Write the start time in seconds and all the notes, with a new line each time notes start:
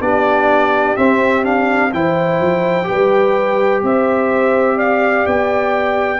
0.00 B3 D4 G4 D5
0.96 C4 E5
1.43 D4 F5
1.93 E3 E4 C5 G5
2.39 F3
2.83 G4 B4
2.90 G3
3.82 C4 C5 E5
4.76 D5 F5
5.26 B3 G5